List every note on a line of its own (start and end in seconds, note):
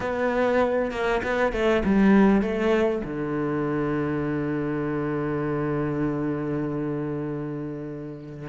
0.00 0.91 B3
0.91 1.21 A#3
1.23 1.52 B3
1.52 1.82 A3
1.85 2.41 G3
2.41 3.02 A3
3.04 8.48 D3